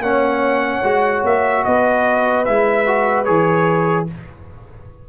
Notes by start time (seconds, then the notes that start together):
0.00 A#3 C#4 C#5 F#5
0.83 G#3 F#4
1.24 A#3 E5
1.65 B3 B4 D#5
2.45 G#3 E4 E5
2.87 F#4
3.25 E3 G#4 C#5